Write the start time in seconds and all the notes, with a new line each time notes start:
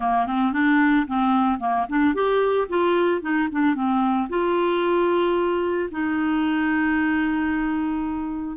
0.00 A#3
0.26 C4
0.52 D4
1.07 C4
1.59 A#3
1.89 D4
2.14 G4
2.68 F4
3.21 D#4
3.51 D4
3.74 C4
4.29 F4
5.91 D#4